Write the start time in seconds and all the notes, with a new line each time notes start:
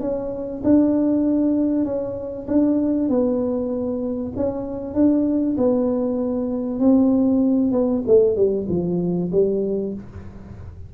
0.00 C#4
0.64 D4
1.85 C#4
2.47 D4
3.09 B3
4.36 C#4
4.94 D4
5.57 B3
6.79 C4
7.72 B3
8.07 A3
8.36 G3
8.69 F3
9.32 G3